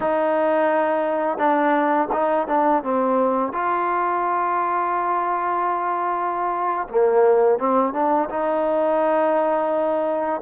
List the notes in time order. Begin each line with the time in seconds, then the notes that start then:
0.00 D#4
1.38 D4
2.12 D#4
2.47 D4
2.83 C4
3.52 F4
6.88 A#3
7.58 C4
7.93 D4
8.29 D#4